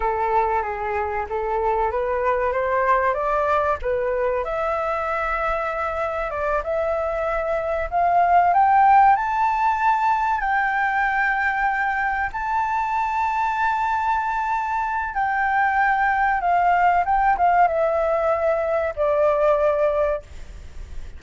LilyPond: \new Staff \with { instrumentName = "flute" } { \time 4/4 \tempo 4 = 95 a'4 gis'4 a'4 b'4 | c''4 d''4 b'4 e''4~ | e''2 d''8 e''4.~ | e''8 f''4 g''4 a''4.~ |
a''8 g''2. a''8~ | a''1 | g''2 f''4 g''8 f''8 | e''2 d''2 | }